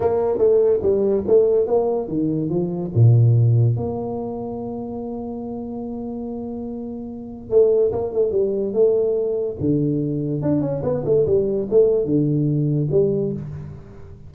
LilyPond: \new Staff \with { instrumentName = "tuba" } { \time 4/4 \tempo 4 = 144 ais4 a4 g4 a4 | ais4 dis4 f4 ais,4~ | ais,4 ais2.~ | ais1~ |
ais2 a4 ais8 a8 | g4 a2 d4~ | d4 d'8 cis'8 b8 a8 g4 | a4 d2 g4 | }